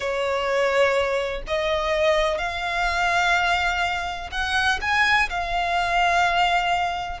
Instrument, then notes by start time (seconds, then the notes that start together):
violin
0.00 C#5
1.47 D#5
2.37 F5
4.31 F#5
4.81 G#5
5.29 F5